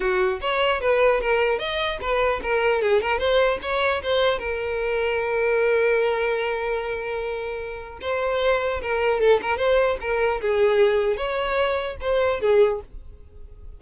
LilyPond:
\new Staff \with { instrumentName = "violin" } { \time 4/4 \tempo 4 = 150 fis'4 cis''4 b'4 ais'4 | dis''4 b'4 ais'4 gis'8 ais'8 | c''4 cis''4 c''4 ais'4~ | ais'1~ |
ais'1 | c''2 ais'4 a'8 ais'8 | c''4 ais'4 gis'2 | cis''2 c''4 gis'4 | }